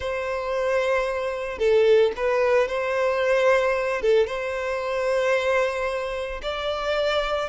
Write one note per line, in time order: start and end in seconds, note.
0.00 1.58 C5
1.58 2.12 A4
2.16 2.68 B4
2.68 4.01 C5
4.01 4.27 A4
4.27 6.41 C5
6.42 7.49 D5